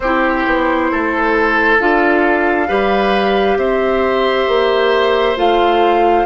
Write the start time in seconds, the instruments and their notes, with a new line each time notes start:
0.00 bassoon C4, clarinet E4, oboe G4, flute C5
0.46 bassoon B3
0.91 bassoon A3, oboe A4
1.79 bassoon D4, clarinet F4, flute F5
2.68 bassoon G3, clarinet G4, oboe B4
3.57 bassoon C4, oboe C5, flute E5
4.47 bassoon A#3
5.36 bassoon A3, clarinet F4, flute F5